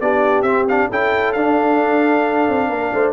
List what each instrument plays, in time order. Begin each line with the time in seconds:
0.00 tuba B3, trombone D4, horn G4, trumpet D5
0.42 tuba C4, trombone C4, trumpet E5
0.68 trombone D4, trumpet F5
0.90 tuba C#4, trombone E4, horn A4, trumpet G5
1.32 tuba D4, trombone D4, trumpet F5
2.49 tuba C4
2.70 tuba A#3, horn A#4
2.93 tuba A3, horn C5